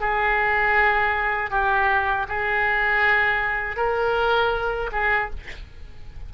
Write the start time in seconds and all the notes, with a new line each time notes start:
0.00 G#4
1.50 G4
2.28 G#4
3.76 A#4
4.92 G#4